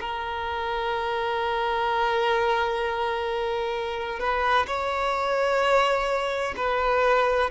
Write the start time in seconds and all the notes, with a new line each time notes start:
0.00 A#4
4.19 B4
4.67 C#5
6.56 B4